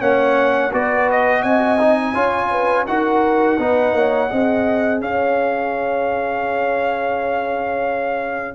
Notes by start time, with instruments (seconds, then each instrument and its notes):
0.00 tuba A#3, trombone C#4, horn C#5, trumpet F#5
0.72 tuba B3, trombone F#4, horn B4, trumpet D5
1.11 trumpet D#5
1.42 tuba C4, horn D#5, trumpet G#5
1.79 trombone D#4
2.14 tuba C#4, trombone F4, horn C#5
2.51 horn B4
2.87 tuba D#4, trombone F#4, horn A#4, trumpet F#5
3.58 tuba B3, trombone D#4, horn B4
3.93 tuba A#3, horn C#5
4.29 tuba C4, trombone G#4, horn D#5
5.01 tuba C#4, horn C#5, trumpet F5